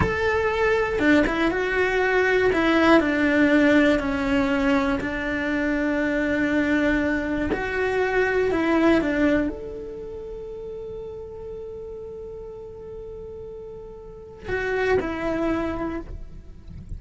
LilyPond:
\new Staff \with { instrumentName = "cello" } { \time 4/4 \tempo 4 = 120 a'2 d'8 e'8 fis'4~ | fis'4 e'4 d'2 | cis'2 d'2~ | d'2. fis'4~ |
fis'4 e'4 d'4 a'4~ | a'1~ | a'1~ | a'4 fis'4 e'2 | }